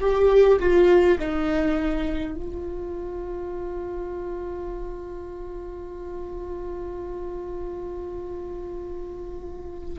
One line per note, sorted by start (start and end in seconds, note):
0.00 0.59 G4
0.59 1.18 F4
1.19 2.35 D#4
2.35 9.99 F4